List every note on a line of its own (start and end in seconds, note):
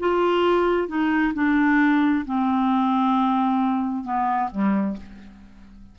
0.00 0.88 F4
0.88 1.33 D#4
1.34 2.25 D4
2.26 4.04 C4
4.04 4.50 B3
4.51 4.97 G3